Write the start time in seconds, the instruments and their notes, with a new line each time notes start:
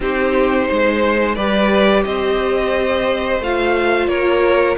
0.00 cello C4, viola D#4, violin G4 C5
0.68 cello G#3, violin C5
1.35 cello G3, viola G4, violin B4 D5
2.04 cello C4, violin C5 D#5
3.39 cello A3, viola F4, violin F5
4.07 cello A#3, violin A#4 C#5